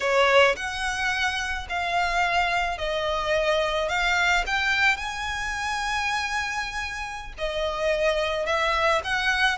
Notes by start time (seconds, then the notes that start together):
0.00 C#5
0.56 F#5
1.69 F5
2.78 D#5
3.88 F5
4.46 G5
4.96 G#5
7.38 D#5
8.46 E5
9.04 F#5